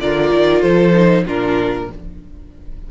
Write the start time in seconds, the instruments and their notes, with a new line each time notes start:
0.00 cello D3, viola F4, violin A#4 D5
0.32 cello D#3
0.61 cello F3, violin A4 C5
0.94 viola D#4
1.26 cello A#2, viola D4, violin F4 A#4